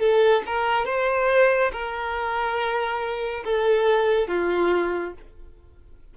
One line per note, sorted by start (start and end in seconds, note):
0.00 0.43 A4
0.46 0.86 A#4
0.86 1.71 C5
1.72 3.44 A#4
3.44 4.28 A4
4.28 5.14 F4